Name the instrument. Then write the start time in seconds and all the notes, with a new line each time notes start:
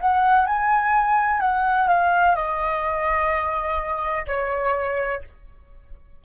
flute
0.00 F#5
0.46 G#5
1.40 F#5
1.88 F5
2.35 D#5
4.26 C#5